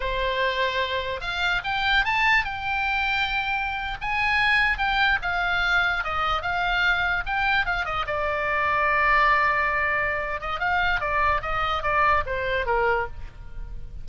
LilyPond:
\new Staff \with { instrumentName = "oboe" } { \time 4/4 \tempo 4 = 147 c''2. f''4 | g''4 a''4 g''2~ | g''4.~ g''16 gis''2 g''16~ | g''8. f''2 dis''4 f''16~ |
f''4.~ f''16 g''4 f''8 dis''8 d''16~ | d''1~ | d''4. dis''8 f''4 d''4 | dis''4 d''4 c''4 ais'4 | }